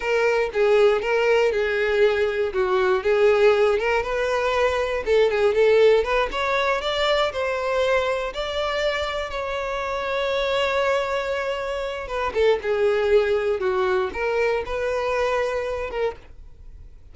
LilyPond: \new Staff \with { instrumentName = "violin" } { \time 4/4 \tempo 4 = 119 ais'4 gis'4 ais'4 gis'4~ | gis'4 fis'4 gis'4. ais'8 | b'2 a'8 gis'8 a'4 | b'8 cis''4 d''4 c''4.~ |
c''8 d''2 cis''4.~ | cis''1 | b'8 a'8 gis'2 fis'4 | ais'4 b'2~ b'8 ais'8 | }